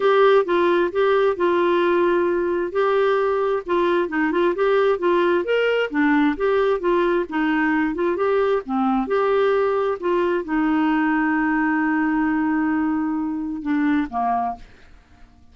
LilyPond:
\new Staff \with { instrumentName = "clarinet" } { \time 4/4 \tempo 4 = 132 g'4 f'4 g'4 f'4~ | f'2 g'2 | f'4 dis'8 f'8 g'4 f'4 | ais'4 d'4 g'4 f'4 |
dis'4. f'8 g'4 c'4 | g'2 f'4 dis'4~ | dis'1~ | dis'2 d'4 ais4 | }